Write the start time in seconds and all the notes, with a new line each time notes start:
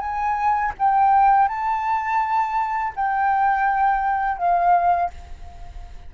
0.00 G#5
0.79 G5
1.48 A5
2.96 G5
4.38 F5